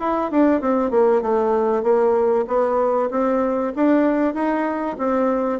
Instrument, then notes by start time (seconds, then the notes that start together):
bassoon
0.00 E4
0.31 D4
0.61 C4
0.91 A#3
1.22 A3
1.83 A#3
2.47 B3
3.11 C4
3.76 D4
4.34 D#4
4.98 C4